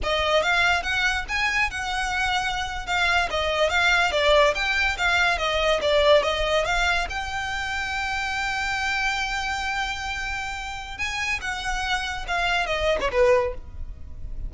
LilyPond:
\new Staff \with { instrumentName = "violin" } { \time 4/4 \tempo 4 = 142 dis''4 f''4 fis''4 gis''4 | fis''2~ fis''8. f''4 dis''16~ | dis''8. f''4 d''4 g''4 f''16~ | f''8. dis''4 d''4 dis''4 f''16~ |
f''8. g''2.~ g''16~ | g''1~ | g''2 gis''4 fis''4~ | fis''4 f''4 dis''8. cis''16 b'4 | }